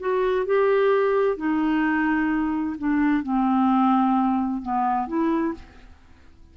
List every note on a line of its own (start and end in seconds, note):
0.00 0.46 F#4
0.46 1.37 G4
1.37 2.76 D#4
2.78 3.23 D4
3.23 4.62 C4
4.62 5.07 B3
5.07 5.54 E4